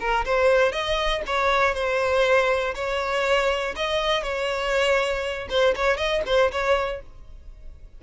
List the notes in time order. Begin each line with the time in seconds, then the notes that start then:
0.00 A#4
0.25 C5
0.72 D#5
1.27 C#5
1.74 C5
2.75 C#5
3.76 D#5
4.23 C#5
5.50 C5
5.75 C#5
5.97 D#5
6.26 C5
6.52 C#5